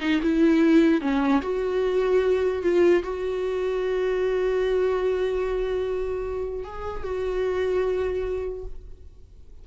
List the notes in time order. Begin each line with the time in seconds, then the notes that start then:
0.00 D#4
0.22 E4
1.01 C#4
1.42 F#4
2.62 F4
3.03 F#4
6.64 G#4
7.03 F#4